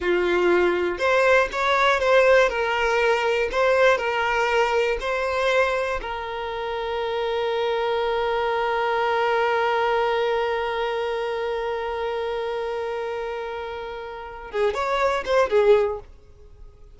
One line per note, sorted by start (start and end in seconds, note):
0.00 0.98 F4
0.98 1.48 C5
1.52 2.00 C#5
2.00 2.49 C5
2.49 3.49 A#4
3.51 3.97 C5
3.97 4.97 A#4
5.00 6.00 C5
6.01 14.51 A#4
14.51 14.74 G#4
14.74 15.24 C#5
15.25 15.49 C5
15.49 15.99 G#4